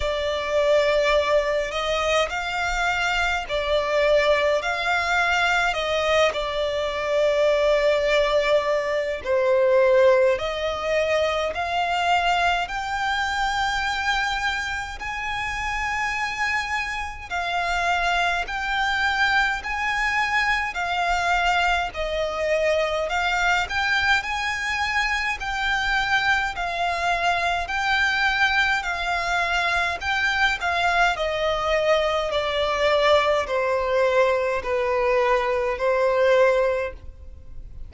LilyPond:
\new Staff \with { instrumentName = "violin" } { \time 4/4 \tempo 4 = 52 d''4. dis''8 f''4 d''4 | f''4 dis''8 d''2~ d''8 | c''4 dis''4 f''4 g''4~ | g''4 gis''2 f''4 |
g''4 gis''4 f''4 dis''4 | f''8 g''8 gis''4 g''4 f''4 | g''4 f''4 g''8 f''8 dis''4 | d''4 c''4 b'4 c''4 | }